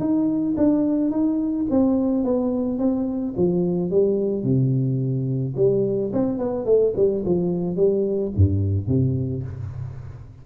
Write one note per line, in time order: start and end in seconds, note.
0.00 0.56 D#4
0.57 1.11 D4
1.11 1.67 D#4
1.70 2.24 C4
2.24 2.79 B3
2.79 3.35 C4
3.37 3.91 F3
3.91 4.44 G3
4.44 5.55 C3
5.57 6.12 G3
6.13 6.38 C4
6.38 6.66 B3
6.66 6.93 A3
6.96 7.24 G3
7.26 7.76 F3
7.76 8.32 G3
8.36 8.88 G2
8.88 9.43 C3